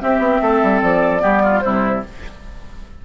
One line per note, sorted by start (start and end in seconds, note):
0.00 1.20 C4
0.00 0.18 C4
0.00 0.42 G4
0.00 0.81 E5
0.18 0.39 B3
0.41 0.61 A3
0.41 1.22 A4
0.63 0.82 G3
0.82 1.22 F3
0.82 1.59 D5
1.20 1.63 G3
1.20 1.61 B3
1.20 1.42 G4
1.43 1.63 F4
1.59 2.04 C3
1.59 2.04 G3
1.59 2.05 E4
1.59 2.00 C5